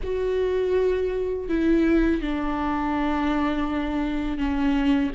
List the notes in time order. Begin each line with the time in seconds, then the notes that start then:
0.03 F#4
1.48 E4
2.21 D4
4.37 C#4